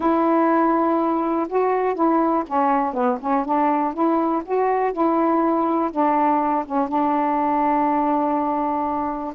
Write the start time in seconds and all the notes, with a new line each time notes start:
0.00 E4
1.48 F#4
1.94 E4
2.47 C#4
2.93 B3
3.20 C#4
3.45 D4
3.93 E4
4.44 F#4
4.92 E4
5.91 D4
6.65 C#4
6.88 D4